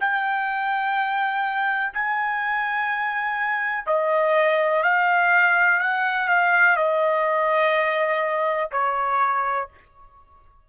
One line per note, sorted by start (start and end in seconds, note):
0.00 1.94 G5
1.94 3.87 G#5
3.87 4.83 D#5
4.83 5.80 F5
5.80 6.28 F#5
6.28 6.77 F5
6.77 8.70 D#5
8.72 9.69 C#5